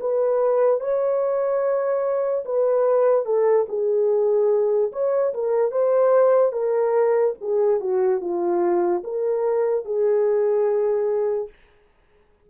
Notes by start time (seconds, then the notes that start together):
0.00 B4
0.80 C#5
2.45 B4
3.25 A4
3.68 G#4
4.92 C#5
5.33 A#4
5.71 C5
6.52 A#4
7.40 G#4
7.80 F#4
8.20 F4
9.04 A#4
9.84 G#4